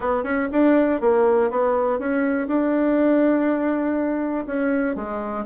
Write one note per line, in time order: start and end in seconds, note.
0.00 0.23 B3
0.23 0.48 C#4
0.52 1.01 D4
1.01 1.50 A#3
1.50 1.99 B3
1.99 2.47 C#4
2.47 4.45 D4
4.46 4.95 C#4
4.95 5.45 G#3